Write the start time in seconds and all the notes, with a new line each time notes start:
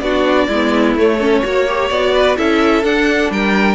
0.00 B3 D4 F#4 D5
0.48 G#3 B3 E4
0.95 A3 C#5
1.18 C#4 A4
1.43 A#3 F#4 C#5
1.68 G4
1.89 B3 F#4 D5
2.14 B4
2.36 C#4 E4 A4 E5
2.83 D4 F#5
3.30 G3 A#4 G5